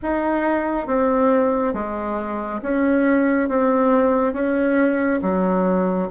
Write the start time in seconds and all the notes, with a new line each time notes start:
0.02 D#4
0.86 C4
1.73 G#3
2.62 C#4
3.48 C4
4.33 C#4
5.22 F#3